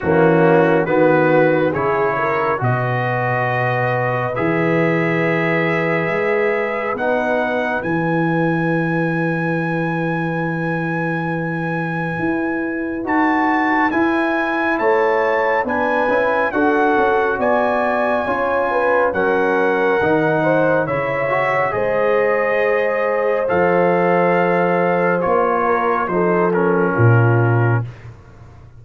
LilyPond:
<<
  \new Staff \with { instrumentName = "trumpet" } { \time 4/4 \tempo 4 = 69 fis'4 b'4 cis''4 dis''4~ | dis''4 e''2. | fis''4 gis''2.~ | gis''2. a''4 |
gis''4 a''4 gis''4 fis''4 | gis''2 fis''2 | e''4 dis''2 f''4~ | f''4 cis''4 c''8 ais'4. | }
  \new Staff \with { instrumentName = "horn" } { \time 4/4 cis'4 fis'4 gis'8 ais'8 b'4~ | b'1~ | b'1~ | b'1~ |
b'4 cis''4 b'4 a'4 | d''4 cis''8 b'8 ais'4. c''8 | cis''4 c''2.~ | c''4. ais'8 a'4 f'4 | }
  \new Staff \with { instrumentName = "trombone" } { \time 4/4 ais4 b4 e'4 fis'4~ | fis'4 gis'2. | dis'4 e'2.~ | e'2. fis'4 |
e'2 d'8 e'8 fis'4~ | fis'4 f'4 cis'4 dis'4 | e'8 fis'8 gis'2 a'4~ | a'4 f'4 dis'8 cis'4. | }
  \new Staff \with { instrumentName = "tuba" } { \time 4/4 e4 dis4 cis4 b,4~ | b,4 e2 gis4 | b4 e2.~ | e2 e'4 dis'4 |
e'4 a4 b8 cis'8 d'8 cis'8 | b4 cis'4 fis4 dis4 | cis4 gis2 f4~ | f4 ais4 f4 ais,4 | }
>>